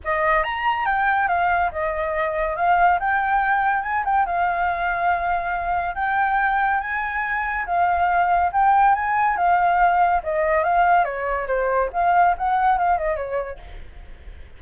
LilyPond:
\new Staff \with { instrumentName = "flute" } { \time 4/4 \tempo 4 = 141 dis''4 ais''4 g''4 f''4 | dis''2 f''4 g''4~ | g''4 gis''8 g''8 f''2~ | f''2 g''2 |
gis''2 f''2 | g''4 gis''4 f''2 | dis''4 f''4 cis''4 c''4 | f''4 fis''4 f''8 dis''8 cis''4 | }